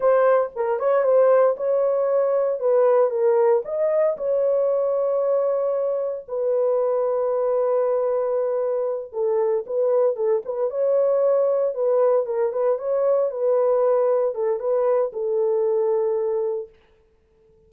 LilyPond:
\new Staff \with { instrumentName = "horn" } { \time 4/4 \tempo 4 = 115 c''4 ais'8 cis''8 c''4 cis''4~ | cis''4 b'4 ais'4 dis''4 | cis''1 | b'1~ |
b'4. a'4 b'4 a'8 | b'8 cis''2 b'4 ais'8 | b'8 cis''4 b'2 a'8 | b'4 a'2. | }